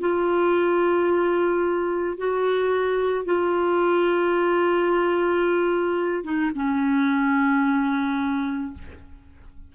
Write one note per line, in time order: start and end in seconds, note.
0.00 2.18 F4
2.18 3.25 F#4
3.25 6.24 F4
6.24 6.52 D#4
6.56 8.74 C#4